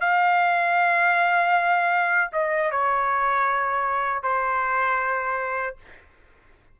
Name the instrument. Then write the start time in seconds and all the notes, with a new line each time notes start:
trumpet
0.00 F5
2.32 D#5
2.71 C#5
4.22 C5